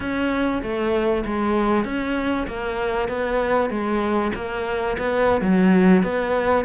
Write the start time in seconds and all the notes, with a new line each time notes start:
0.00 C#4
0.62 A3
1.25 G#3
1.84 C#4
2.47 A#3
3.08 B3
3.69 G#3
4.35 A#3
4.97 B3
5.41 F#3
6.03 B3